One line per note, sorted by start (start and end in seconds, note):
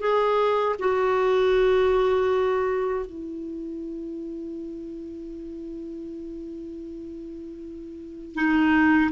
0.00 0.76 G#4
0.79 3.06 F#4
3.06 8.35 E4
8.35 9.11 D#4